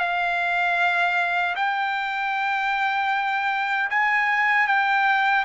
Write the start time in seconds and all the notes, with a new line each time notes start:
0.00 F5
1.56 G5
3.90 G#5
4.68 G5